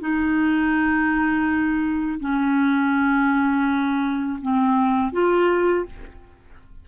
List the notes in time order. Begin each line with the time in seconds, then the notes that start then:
0.00 D#4
2.20 C#4
4.41 C4
5.13 F4